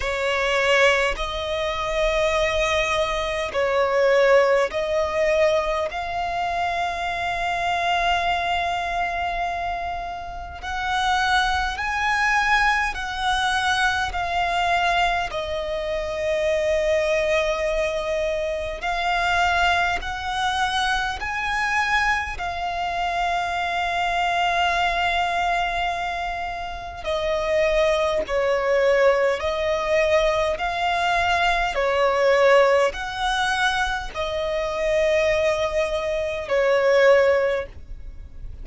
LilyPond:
\new Staff \with { instrumentName = "violin" } { \time 4/4 \tempo 4 = 51 cis''4 dis''2 cis''4 | dis''4 f''2.~ | f''4 fis''4 gis''4 fis''4 | f''4 dis''2. |
f''4 fis''4 gis''4 f''4~ | f''2. dis''4 | cis''4 dis''4 f''4 cis''4 | fis''4 dis''2 cis''4 | }